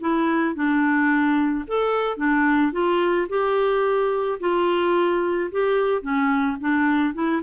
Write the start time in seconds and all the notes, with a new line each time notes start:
0.00 E4
0.55 D4
1.67 A4
2.17 D4
2.72 F4
3.29 G4
4.40 F4
5.51 G4
6.02 C#4
6.60 D4
7.14 E4